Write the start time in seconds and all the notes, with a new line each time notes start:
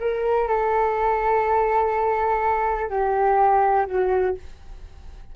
0.00 A#4
0.48 A4
2.89 G4
3.86 F#4